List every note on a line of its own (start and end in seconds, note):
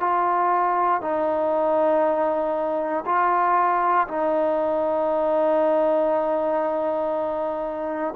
0.00 1.01 F4
1.01 3.05 D#4
3.06 4.07 F4
4.07 8.14 D#4